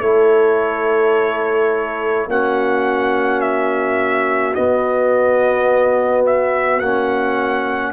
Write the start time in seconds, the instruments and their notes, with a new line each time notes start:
0.00 tuba A3, trombone E4, horn A4, trumpet C#5
2.27 tuba A#3, trombone C#4, horn F#4, trumpet F#5
3.41 trumpet E5
4.54 trombone B3, tuba B3, trumpet D#5
6.26 trumpet E5
6.80 tuba A#3, trombone C#4, trumpet F#5